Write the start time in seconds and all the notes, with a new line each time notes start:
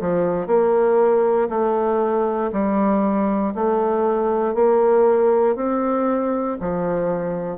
0.00 F3
0.47 A#3
1.49 A3
2.52 G3
3.55 A3
4.54 A#3
5.55 C4
6.60 F3